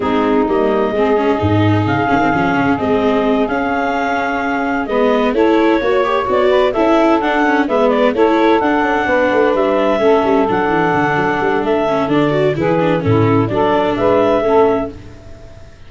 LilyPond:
<<
  \new Staff \with { instrumentName = "clarinet" } { \time 4/4 \tempo 4 = 129 gis'4 dis''2. | f''2 dis''4. f''8~ | f''2~ f''8 dis''4 cis''8~ | cis''4. d''4 e''4 fis''8~ |
fis''8 e''8 d''8 cis''4 fis''4.~ | fis''8 e''2 fis''4.~ | fis''4 e''4 d''4 b'4 | a'4 d''4 e''2 | }
  \new Staff \with { instrumentName = "saxophone" } { \time 4/4 dis'2 gis'2~ | gis'1~ | gis'2~ gis'8 b'4 a'8~ | a'8 cis''4. b'8 a'4.~ |
a'8 b'4 a'2 b'8~ | b'4. a'2~ a'8~ | a'2. gis'4 | e'4 a'4 b'4 a'4 | }
  \new Staff \with { instrumentName = "viola" } { \time 4/4 c'4 ais4 c'8 cis'8 dis'4~ | dis'8 cis'16 c'16 cis'4 c'4. cis'8~ | cis'2~ cis'8 b4 e'8~ | e'8 fis'8 g'8 fis'4 e'4 d'8 |
cis'8 b4 e'4 d'4.~ | d'4. cis'4 d'4.~ | d'4. cis'8 d'8 fis'8 e'8 d'8 | cis'4 d'2 cis'4 | }
  \new Staff \with { instrumentName = "tuba" } { \time 4/4 gis4 g4 gis4 gis,4 | cis8 dis8 f8 cis8 gis4. cis'8~ | cis'2~ cis'8 gis4 a8~ | a8 ais4 b4 cis'4 d'8~ |
d'8 gis4 a4 d'8 cis'8 b8 | a8 g4 a8 g8 fis8 e8 d8 | fis8 g8 a4 d4 e4 | a,4 fis4 gis4 a4 | }
>>